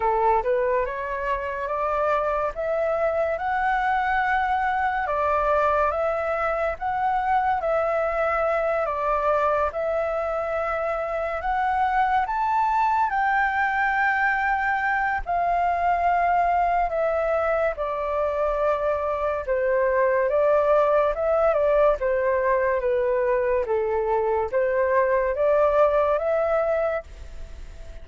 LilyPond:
\new Staff \with { instrumentName = "flute" } { \time 4/4 \tempo 4 = 71 a'8 b'8 cis''4 d''4 e''4 | fis''2 d''4 e''4 | fis''4 e''4. d''4 e''8~ | e''4. fis''4 a''4 g''8~ |
g''2 f''2 | e''4 d''2 c''4 | d''4 e''8 d''8 c''4 b'4 | a'4 c''4 d''4 e''4 | }